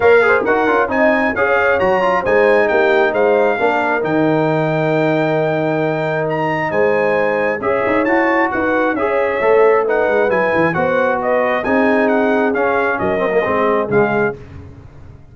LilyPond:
<<
  \new Staff \with { instrumentName = "trumpet" } { \time 4/4 \tempo 4 = 134 f''4 fis''4 gis''4 f''4 | ais''4 gis''4 g''4 f''4~ | f''4 g''2.~ | g''2 ais''4 gis''4~ |
gis''4 e''4 a''4 fis''4 | e''2 fis''4 gis''4 | fis''4 dis''4 gis''4 fis''4 | f''4 dis''2 f''4 | }
  \new Staff \with { instrumentName = "horn" } { \time 4/4 cis''8 c''8 ais'4 dis''4 cis''4~ | cis''4 c''4 g'4 c''4 | ais'1~ | ais'2. c''4~ |
c''4 cis''2 b'4 | cis''2 b'2 | c''4 b'4 gis'2~ | gis'4 ais'4 gis'2 | }
  \new Staff \with { instrumentName = "trombone" } { \time 4/4 ais'8 gis'8 fis'8 f'8 dis'4 gis'4 | fis'8 f'8 dis'2. | d'4 dis'2.~ | dis'1~ |
dis'4 gis'4 fis'2 | gis'4 a'4 dis'4 e'4 | fis'2 dis'2 | cis'4. c'16 ais16 c'4 gis4 | }
  \new Staff \with { instrumentName = "tuba" } { \time 4/4 ais4 dis'8 cis'8 c'4 cis'4 | fis4 gis4 ais4 gis4 | ais4 dis2.~ | dis2. gis4~ |
gis4 cis'8 dis'8 e'4 dis'4 | cis'4 a4. gis8 fis8 e8 | b2 c'2 | cis'4 fis4 gis4 cis4 | }
>>